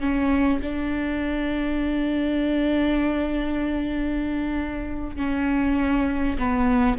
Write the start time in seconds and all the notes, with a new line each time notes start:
0.00 C#4
0.62 D4
5.16 C#4
6.38 B3